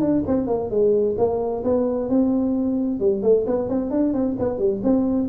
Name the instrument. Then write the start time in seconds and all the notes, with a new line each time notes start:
tuba
0.00 D4
0.26 C4
0.47 A#3
0.70 G#3
1.17 A#3
1.63 B3
2.09 C4
2.99 G3
3.22 A3
3.46 B3
3.68 C4
3.90 D4
4.13 C4
4.39 B3
4.58 G3
4.83 C4